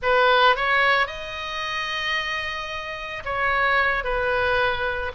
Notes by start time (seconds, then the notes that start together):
0.02 B4
0.56 C#5
1.07 D#5
3.24 C#5
4.04 B4